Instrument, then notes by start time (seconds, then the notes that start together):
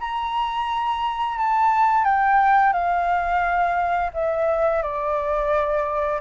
flute
0.00 A#5
1.38 A5
2.04 G5
2.73 F5
4.13 E5
4.82 D5